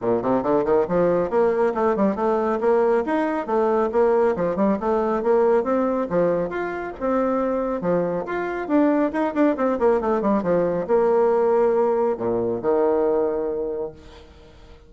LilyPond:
\new Staff \with { instrumentName = "bassoon" } { \time 4/4 \tempo 4 = 138 ais,8 c8 d8 dis8 f4 ais4 | a8 g8 a4 ais4 dis'4 | a4 ais4 f8 g8 a4 | ais4 c'4 f4 f'4 |
c'2 f4 f'4 | d'4 dis'8 d'8 c'8 ais8 a8 g8 | f4 ais2. | ais,4 dis2. | }